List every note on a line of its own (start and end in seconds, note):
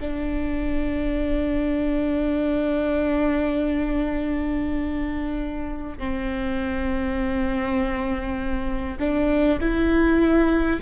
0.00 5.98 D4
5.98 8.98 C4
8.99 9.59 D4
9.60 10.80 E4